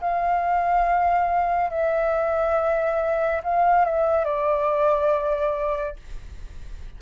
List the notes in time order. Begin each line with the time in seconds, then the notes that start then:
0.00 F5
1.70 E5
3.43 F5
3.85 E5
4.24 D5